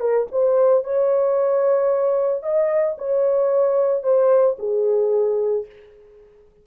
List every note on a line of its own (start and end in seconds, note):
0.00 0.27 A#4
0.32 0.84 C5
0.84 2.43 C#5
2.43 2.97 D#5
2.98 4.03 C#5
4.03 4.57 C5
4.59 5.66 G#4